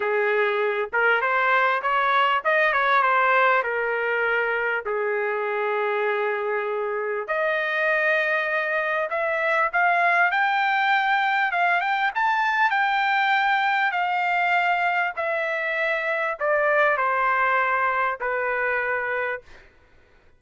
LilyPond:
\new Staff \with { instrumentName = "trumpet" } { \time 4/4 \tempo 4 = 99 gis'4. ais'8 c''4 cis''4 | dis''8 cis''8 c''4 ais'2 | gis'1 | dis''2. e''4 |
f''4 g''2 f''8 g''8 | a''4 g''2 f''4~ | f''4 e''2 d''4 | c''2 b'2 | }